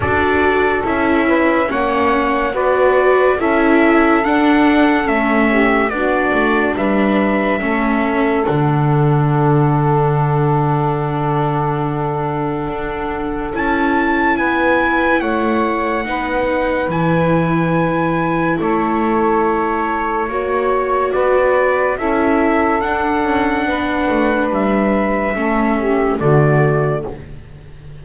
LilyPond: <<
  \new Staff \with { instrumentName = "trumpet" } { \time 4/4 \tempo 4 = 71 d''4 e''4 fis''4 d''4 | e''4 fis''4 e''4 d''4 | e''2 fis''2~ | fis''1 |
a''4 gis''4 fis''2 | gis''2 cis''2~ | cis''4 d''4 e''4 fis''4~ | fis''4 e''2 d''4 | }
  \new Staff \with { instrumentName = "saxophone" } { \time 4/4 a'4. b'8 cis''4 b'4 | a'2~ a'8 g'8 fis'4 | b'4 a'2.~ | a'1~ |
a'4 b'4 cis''4 b'4~ | b'2 a'2 | cis''4 b'4 a'2 | b'2 a'8 g'8 fis'4 | }
  \new Staff \with { instrumentName = "viola" } { \time 4/4 fis'4 e'4 cis'4 fis'4 | e'4 d'4 cis'4 d'4~ | d'4 cis'4 d'2~ | d'1 |
e'2. dis'4 | e'1 | fis'2 e'4 d'4~ | d'2 cis'4 a4 | }
  \new Staff \with { instrumentName = "double bass" } { \time 4/4 d'4 cis'4 ais4 b4 | cis'4 d'4 a4 b8 a8 | g4 a4 d2~ | d2. d'4 |
cis'4 b4 a4 b4 | e2 a2 | ais4 b4 cis'4 d'8 cis'8 | b8 a8 g4 a4 d4 | }
>>